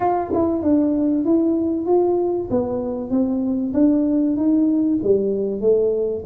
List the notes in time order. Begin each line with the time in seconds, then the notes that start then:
0.00 F4
0.33 E4
0.62 D4
1.24 E4
1.86 F4
2.50 B3
3.10 C4
3.73 D4
4.36 D#4
5.03 G3
5.60 A3